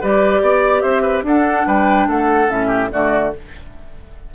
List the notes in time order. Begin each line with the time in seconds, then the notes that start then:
0.00 G3 G4 B4 D5
0.41 B3 D5
0.81 C4 C5 E5
1.02 B4
1.22 D4 A4 F#5
1.66 G3 B4 G5
2.07 A3 A4 F#5
2.47 A2 C#4 E5
2.67 G4
2.91 D3 A3 F#4 D5